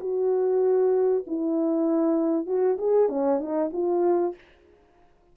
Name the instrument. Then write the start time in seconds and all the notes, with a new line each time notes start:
horn
0.00 F#4
1.27 E4
2.47 F#4
2.78 G#4
3.09 C#4
3.40 D#4
3.73 F4